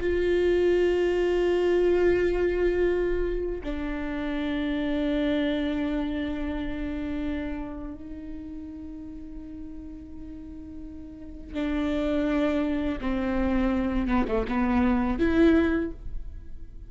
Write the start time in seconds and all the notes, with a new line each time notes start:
0.00 F4
3.63 D4
7.94 D#4
11.54 D4
13.01 C4
14.07 B3
14.28 A3
14.48 B3
15.19 E4